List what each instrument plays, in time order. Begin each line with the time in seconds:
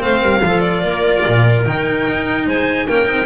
0.00 double bass A3, cello C4, clarinet C5, violin F5
0.22 double bass G3, clarinet A#4
0.44 double bass F3, cello F4, clarinet A4
0.60 violin D5
0.84 double bass A#3, clarinet A#4
1.27 double bass A#2
1.66 double bass D#3, cello D#4, violin G5
2.08 double bass D#4
2.47 double bass G#3, clarinet C5, violin G#5
2.87 double bass A#3, cello C#4, clarinet A#4, violin G5
3.06 double bass C4, cello D#4